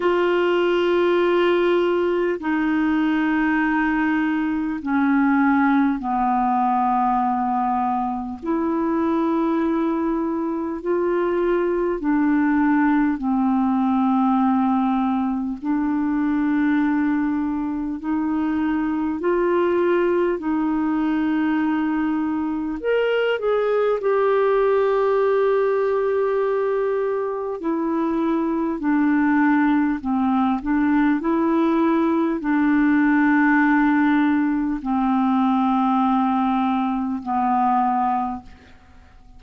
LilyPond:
\new Staff \with { instrumentName = "clarinet" } { \time 4/4 \tempo 4 = 50 f'2 dis'2 | cis'4 b2 e'4~ | e'4 f'4 d'4 c'4~ | c'4 d'2 dis'4 |
f'4 dis'2 ais'8 gis'8 | g'2. e'4 | d'4 c'8 d'8 e'4 d'4~ | d'4 c'2 b4 | }